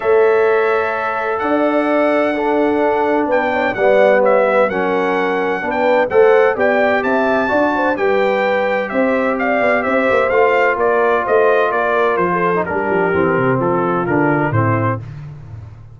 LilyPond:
<<
  \new Staff \with { instrumentName = "trumpet" } { \time 4/4 \tempo 4 = 128 e''2. fis''4~ | fis''2. g''4 | fis''4 e''4 fis''2~ | fis''16 g''8. fis''4 g''4 a''4~ |
a''4 g''2 e''4 | f''4 e''4 f''4 d''4 | dis''4 d''4 c''4 ais'4~ | ais'4 a'4 ais'4 c''4 | }
  \new Staff \with { instrumentName = "horn" } { \time 4/4 cis''2. d''4~ | d''4 a'2 b'8 cis''8 | d''4 cis''8 b'8 ais'2 | b'4 c''4 d''4 e''4 |
d''8 c''8 b'2 c''4 | d''4 c''2 ais'4 | c''4 ais'4~ ais'16 a'8. g'4~ | g'4 f'2 e'4 | }
  \new Staff \with { instrumentName = "trombone" } { \time 4/4 a'1~ | a'4 d'2. | b2 cis'2 | d'4 a'4 g'2 |
fis'4 g'2.~ | g'2 f'2~ | f'2~ f'8. dis'16 d'4 | c'2 d'4 c'4 | }
  \new Staff \with { instrumentName = "tuba" } { \time 4/4 a2. d'4~ | d'2. b4 | g2 fis2 | b4 a4 b4 c'4 |
d'4 g2 c'4~ | c'8 b8 c'8 ais8 a4 ais4 | a4 ais4 f4 g8 f8 | e8 c8 f4 d4 a,4 | }
>>